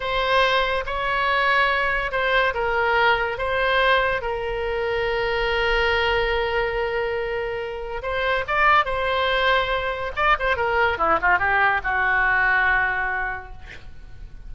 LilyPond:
\new Staff \with { instrumentName = "oboe" } { \time 4/4 \tempo 4 = 142 c''2 cis''2~ | cis''4 c''4 ais'2 | c''2 ais'2~ | ais'1~ |
ais'2. c''4 | d''4 c''2. | d''8 c''8 ais'4 e'8 f'8 g'4 | fis'1 | }